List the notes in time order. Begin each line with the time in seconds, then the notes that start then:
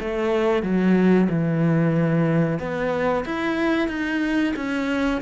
0.00 A3
0.63 F#3
1.29 E3
2.59 B3
3.25 E4
3.88 D#4
4.56 C#4